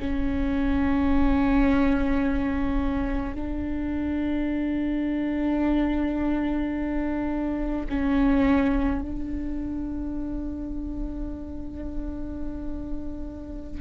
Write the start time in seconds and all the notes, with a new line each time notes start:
0.00 C#4
3.34 D4
7.89 C#4
9.02 D4